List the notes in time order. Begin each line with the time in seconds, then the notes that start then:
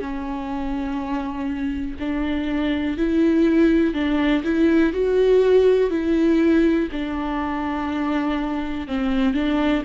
0.00 C#4
1.99 D4
2.98 E4
3.94 D4
4.44 E4
4.93 F#4
5.91 E4
6.92 D4
8.88 C4
9.34 D4